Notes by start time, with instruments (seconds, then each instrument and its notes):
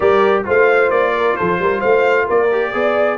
0.00 tuba G3, trombone G4, horn A#4, trumpet D5
0.45 tuba A3, trombone F4, horn C5, trumpet F5
0.89 tuba A#3, trumpet D5
1.15 horn A#4
1.36 tuba F3, horn A4, trumpet C5
1.59 tuba G3, horn A#4
1.79 tuba A3, horn C5, trumpet F5
2.26 tuba A#3, horn A#4, trumpet D5
2.51 trombone G4
2.73 tuba B3, trombone G#4, horn D5